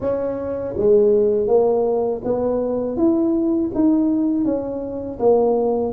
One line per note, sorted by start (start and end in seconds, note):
0.00 0.74 C#4
0.76 1.47 G#3
1.47 2.21 A#3
2.24 2.96 B3
2.96 3.70 E4
3.74 4.44 D#4
4.44 5.19 C#4
5.19 5.93 A#3